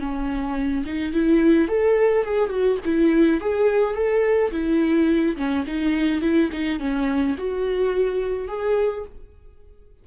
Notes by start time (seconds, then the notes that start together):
0.00 C#4
0.86 D#4
1.13 E4
1.68 A4
2.25 G#4
2.50 F#4
2.85 E4
3.41 G#4
3.95 A4
4.52 E4
5.37 C#4
5.67 D#4
6.22 E4
6.52 D#4
6.80 C#4
7.38 F#4
8.48 G#4